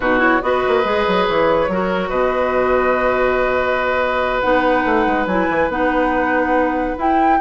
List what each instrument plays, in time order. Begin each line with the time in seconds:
0.00 bassoon B2, clarinet D#4, oboe F#4, flute B4
0.18 clarinet E4, flute C#5
0.41 bassoon B3, clarinet F#4, oboe B4, flute D#5
0.68 bassoon A#3
0.84 bassoon G#3, clarinet G#4
1.07 bassoon F#3
1.27 bassoon E3, flute C#5
1.68 bassoon F#3, clarinet F#4, oboe A#4
2.09 bassoon B2, oboe B4, flute D#5
4.40 bassoon B3, clarinet D#4, flute F#5
4.85 bassoon A3
5.06 bassoon G#3
5.26 bassoon F#3, clarinet E4, flute G#5
5.49 bassoon E3
5.68 bassoon B3, clarinet D#4, flute F#5
6.97 clarinet E4, bassoon E4, flute G5